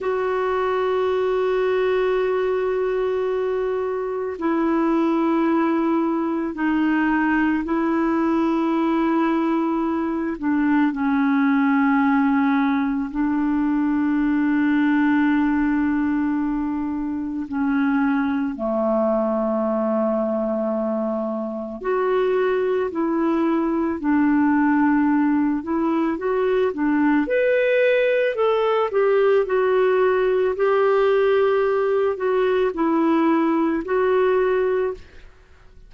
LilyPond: \new Staff \with { instrumentName = "clarinet" } { \time 4/4 \tempo 4 = 55 fis'1 | e'2 dis'4 e'4~ | e'4. d'8 cis'2 | d'1 |
cis'4 a2. | fis'4 e'4 d'4. e'8 | fis'8 d'8 b'4 a'8 g'8 fis'4 | g'4. fis'8 e'4 fis'4 | }